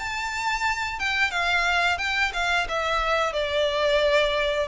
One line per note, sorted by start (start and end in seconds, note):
0.00 1.00 A5
1.00 1.31 G5
1.31 1.99 F5
1.99 2.32 G5
2.34 2.68 F5
2.69 3.33 E5
3.33 4.68 D5